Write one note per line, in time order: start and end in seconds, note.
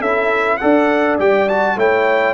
0.00 0.60 C#4
0.00 0.61 E4
0.00 0.59 A4
0.00 0.58 E5
0.58 1.19 D4
0.58 1.19 A4
0.58 1.78 D5
0.58 1.17 F#5
1.19 1.76 G3
1.19 1.49 G4
1.19 1.49 G5
1.49 1.78 F#4
1.49 1.79 A5
1.76 2.35 A3
1.76 2.35 E4
1.76 2.35 C#5
1.76 2.35 G5